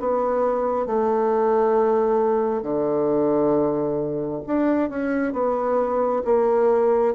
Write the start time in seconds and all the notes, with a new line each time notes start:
0.00 B3
0.87 A3
2.63 D3
4.47 D4
4.90 C#4
5.33 B3
6.25 A#3